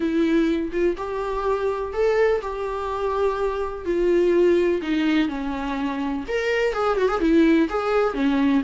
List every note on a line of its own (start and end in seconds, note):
0.00 0.71 E4
0.72 0.96 F4
0.97 1.93 G4
1.93 2.41 A4
2.41 3.85 G4
3.85 4.81 F4
4.82 5.28 D#4
5.28 6.24 C#4
6.28 6.73 A#4
6.73 6.97 G#4
6.97 7.08 F#4
7.08 7.20 G#4
7.20 7.68 E4
7.69 8.14 G#4
8.14 8.62 C#4